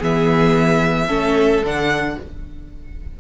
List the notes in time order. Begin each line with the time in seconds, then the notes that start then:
0.00 E3 B3 G#4 E5
1.07 A3 C#4 A4
1.62 D3 D4 F#5